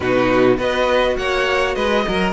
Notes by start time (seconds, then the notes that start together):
0.00 B2 D#4 F#4 B4
0.57 B3 F#4 B4 D#5
1.16 A#3 C#5 F#5
1.74 G#3 B4 D#5
2.07 F#3 A#4